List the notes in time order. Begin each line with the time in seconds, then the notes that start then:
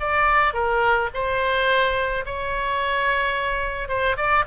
0.00 D5
0.54 A#4
1.14 C5
2.26 C#5
3.88 C5
4.17 D5